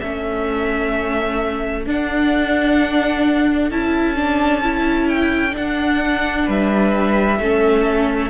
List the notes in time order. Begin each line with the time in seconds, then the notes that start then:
0.00 A3 C#4 A4 E5
1.87 D4 F#5
3.71 C#4 E4 A5
4.16 D4
4.63 E4
5.09 G5
5.52 D4 F#5
6.46 G3 B4 E5
7.40 A3 C#4 A4